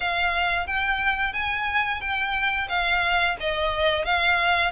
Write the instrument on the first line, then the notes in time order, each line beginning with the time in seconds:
violin
0.00 F5
0.66 G5
1.33 G#5
2.00 G5
2.68 F5
3.40 D#5
4.04 F5